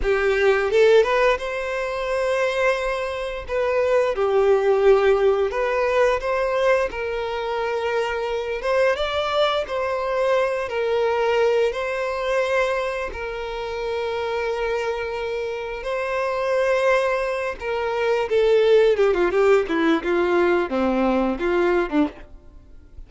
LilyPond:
\new Staff \with { instrumentName = "violin" } { \time 4/4 \tempo 4 = 87 g'4 a'8 b'8 c''2~ | c''4 b'4 g'2 | b'4 c''4 ais'2~ | ais'8 c''8 d''4 c''4. ais'8~ |
ais'4 c''2 ais'4~ | ais'2. c''4~ | c''4. ais'4 a'4 g'16 f'16 | g'8 e'8 f'4 c'4 f'8. d'16 | }